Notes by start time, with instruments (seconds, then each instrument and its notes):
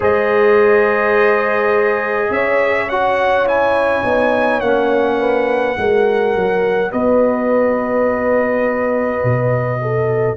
0.00 tuba G#3, trombone G#4, horn C5, trumpet D#5
2.29 tuba C#4, horn C#5, trumpet E5
2.89 trombone F#4, trumpet F#5
3.47 trombone E4, trumpet G#5
4.03 tuba B3, trombone D#4
4.60 tuba A#3, trombone C#4, trumpet F#5
5.19 horn B4
5.76 tuba G#3, trombone F#4, horn A#4
6.35 tuba F#3
6.91 tuba B3, horn B4, trumpet D#5
9.23 tuba B2
9.81 horn A4